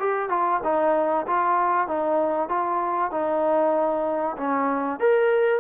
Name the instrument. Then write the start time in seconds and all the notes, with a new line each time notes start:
trombone
0.00 G4
0.30 F4
0.64 D#4
1.27 F4
1.88 D#4
2.49 F4
3.12 D#4
4.38 C#4
5.00 A#4